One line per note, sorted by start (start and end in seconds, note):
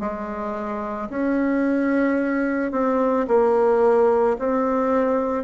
0.00 1.09 G#3
1.10 2.72 C#4
2.72 3.26 C4
3.28 4.37 A#3
4.39 5.44 C4